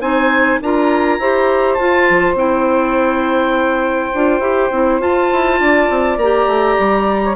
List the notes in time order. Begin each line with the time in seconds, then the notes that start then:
0.00 C4 D#4 C5 G#5
0.61 D4 F4 A#4 A#5
1.19 E4 G4 C5
1.74 F4 A5
2.10 F3
2.34 C4 E4 G5
4.14 D4 F4
4.40 E4 G4
4.71 C4 E4
5.00 F4 A5
5.32 E4
5.59 D4 D5
5.90 C4
6.17 A#3 G4 A#5
6.47 A3
6.79 G3
7.23 C#5